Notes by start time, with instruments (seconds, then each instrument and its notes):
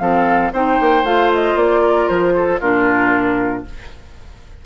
0.00 bassoon F3, clarinet C4, oboe A4, flute F5
0.53 bassoon C4, clarinet D#4, oboe C5, flute G5
0.81 bassoon A#3
1.04 bassoon A3, clarinet F4, flute F5
1.34 flute D#5
1.56 bassoon A#3, flute D5
1.82 oboe A#4
2.08 bassoon F3, flute C5
2.36 oboe A4
2.60 bassoon A#2, clarinet D4, oboe F4, flute A#4